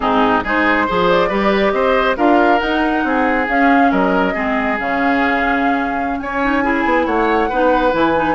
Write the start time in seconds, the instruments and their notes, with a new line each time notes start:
0.00 bassoon G#2, clarinet C4, oboe D#4, flute G#4
0.43 bassoon G#3, clarinet D#4, oboe G#4, flute C5
0.86 bassoon F3, clarinet G#4, oboe C5
1.09 flute D5
1.28 bassoon G3, clarinet G4, oboe B4
1.71 bassoon C4, oboe C5, flute D#5
2.16 bassoon D4, clarinet F4, oboe A#4, flute F5
2.59 clarinet D#4, bassoon D#4, flute F#5
3.04 bassoon C4, oboe G#4
3.48 bassoon C#4, clarinet C#4, flute F5
3.91 bassoon F#3, oboe A#4, flute D#5
4.33 bassoon G#3, clarinet C4, oboe G#4
4.78 bassoon C#3, clarinet C#4, flute F5
6.19 bassoon C#4, oboe C#5, flute G#5
6.42 clarinet D#4
6.63 clarinet E4, oboe G#4
6.85 bassoon B3
7.06 bassoon A3, oboe C#5, flute F#5
7.49 bassoon B3, clarinet D#4, oboe B4
7.91 bassoon E3, clarinet E4, flute G#5
8.15 clarinet D#4